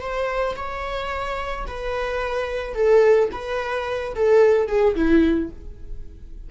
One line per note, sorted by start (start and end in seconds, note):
0.00 0.55 C5
0.56 1.66 C#5
1.66 2.74 B4
2.74 3.29 A4
3.32 4.14 B4
4.14 4.67 A4
4.67 4.94 G#4
4.95 5.50 E4